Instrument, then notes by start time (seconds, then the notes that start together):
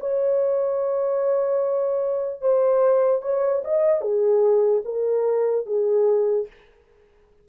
horn
0.00 C#5
2.41 C5
3.22 C#5
3.65 D#5
4.01 G#4
4.85 A#4
5.66 G#4